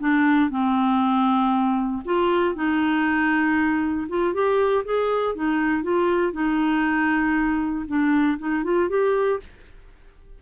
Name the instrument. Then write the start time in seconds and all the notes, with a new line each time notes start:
clarinet
0.00 D4
0.51 C4
2.05 F4
2.55 D#4
4.09 F4
4.34 G4
4.85 G#4
5.35 D#4
5.83 F4
6.33 D#4
7.88 D4
8.39 D#4
8.64 F4
8.90 G4